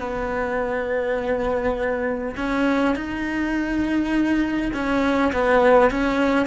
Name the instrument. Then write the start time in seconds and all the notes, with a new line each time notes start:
cello
0.00 B3
2.36 C#4
2.95 D#4
4.74 C#4
5.33 B3
5.91 C#4